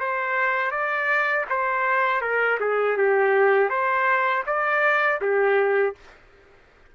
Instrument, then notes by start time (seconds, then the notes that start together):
trumpet
0.00 C5
0.71 D5
1.50 C5
2.22 A#4
2.60 G#4
2.97 G4
3.70 C5
4.47 D5
5.21 G4